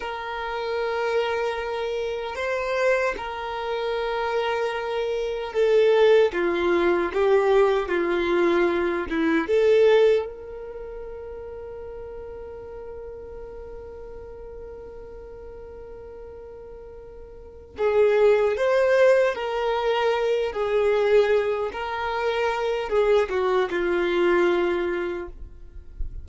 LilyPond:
\new Staff \with { instrumentName = "violin" } { \time 4/4 \tempo 4 = 76 ais'2. c''4 | ais'2. a'4 | f'4 g'4 f'4. e'8 | a'4 ais'2.~ |
ais'1~ | ais'2~ ais'8 gis'4 c''8~ | c''8 ais'4. gis'4. ais'8~ | ais'4 gis'8 fis'8 f'2 | }